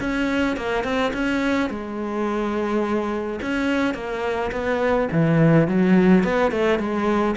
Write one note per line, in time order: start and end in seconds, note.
0.00 0.56 C#4
0.56 0.84 A#3
0.84 1.12 C4
1.13 1.70 C#4
1.70 3.39 G#3
3.41 3.94 C#4
3.94 4.51 A#3
4.52 5.08 B3
5.11 5.67 E3
5.67 6.23 F#3
6.23 6.51 B3
6.51 6.79 A3
6.79 7.35 G#3